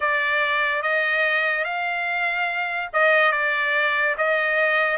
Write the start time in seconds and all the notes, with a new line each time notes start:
0.00 D5
0.82 D#5
1.64 F5
2.93 D#5
3.32 D5
4.17 D#5